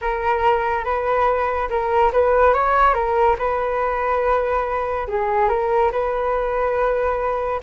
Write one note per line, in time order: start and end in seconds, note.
0.01 0.84 A#4
0.84 1.68 B4
1.69 2.11 A#4
2.12 2.54 B4
2.54 2.93 C#5
2.93 3.36 A#4
3.38 5.07 B4
5.07 5.49 G#4
5.49 5.91 A#4
5.91 7.60 B4